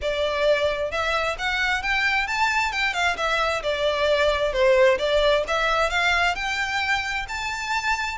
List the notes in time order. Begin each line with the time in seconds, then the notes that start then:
0.01 D5
0.91 E5
1.38 F#5
1.82 G5
2.27 A5
2.71 G5
2.93 F5
3.17 E5
3.62 D5
4.52 C5
4.98 D5
5.47 E5
5.90 F5
6.35 G5
7.28 A5